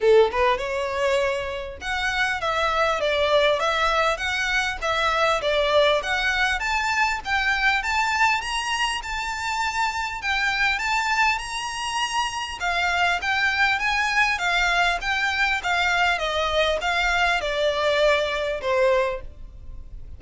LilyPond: \new Staff \with { instrumentName = "violin" } { \time 4/4 \tempo 4 = 100 a'8 b'8 cis''2 fis''4 | e''4 d''4 e''4 fis''4 | e''4 d''4 fis''4 a''4 | g''4 a''4 ais''4 a''4~ |
a''4 g''4 a''4 ais''4~ | ais''4 f''4 g''4 gis''4 | f''4 g''4 f''4 dis''4 | f''4 d''2 c''4 | }